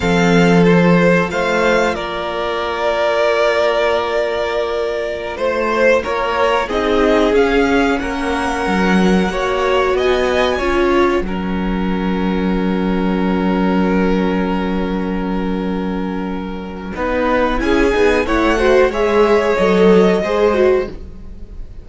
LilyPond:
<<
  \new Staff \with { instrumentName = "violin" } { \time 4/4 \tempo 4 = 92 f''4 c''4 f''4 d''4~ | d''1~ | d''16 c''4 cis''4 dis''4 f''8.~ | f''16 fis''2. gis''8.~ |
gis''8. fis''2.~ fis''16~ | fis''1~ | fis''2. gis''4 | fis''4 e''4 dis''2 | }
  \new Staff \with { instrumentName = "violin" } { \time 4/4 a'2 c''4 ais'4~ | ais'1~ | ais'16 c''4 ais'4 gis'4.~ gis'16~ | gis'16 ais'2 cis''4 dis''8.~ |
dis''16 cis''4 ais'2~ ais'8.~ | ais'1~ | ais'2 b'4 gis'4 | cis''8 c''8 cis''2 c''4 | }
  \new Staff \with { instrumentName = "viola" } { \time 4/4 c'4 f'2.~ | f'1~ | f'2~ f'16 dis'4 cis'8.~ | cis'2~ cis'16 fis'4.~ fis'16~ |
fis'16 f'4 cis'2~ cis'8.~ | cis'1~ | cis'2 dis'4 e'8 dis'8 | e'8 fis'8 gis'4 a'4 gis'8 fis'8 | }
  \new Staff \with { instrumentName = "cello" } { \time 4/4 f2 a4 ais4~ | ais1~ | ais16 a4 ais4 c'4 cis'8.~ | cis'16 ais4 fis4 ais4 b8.~ |
b16 cis'4 fis2~ fis8.~ | fis1~ | fis2 b4 cis'8 b8 | a4 gis4 fis4 gis4 | }
>>